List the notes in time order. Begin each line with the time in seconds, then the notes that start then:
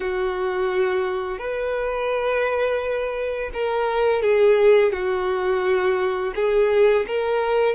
0.00 F#4
1.38 B4
3.53 A#4
4.22 G#4
4.92 F#4
6.35 G#4
7.07 A#4